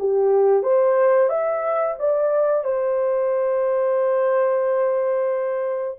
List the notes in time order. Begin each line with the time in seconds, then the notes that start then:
0.00 G4
0.64 C5
1.30 E5
2.00 D5
2.65 C5